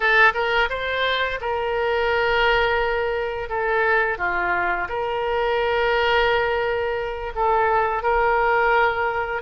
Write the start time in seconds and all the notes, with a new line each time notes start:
0.00 A4
0.33 A#4
0.69 C5
1.40 A#4
3.49 A4
4.18 F4
4.88 A#4
7.35 A4
8.02 A#4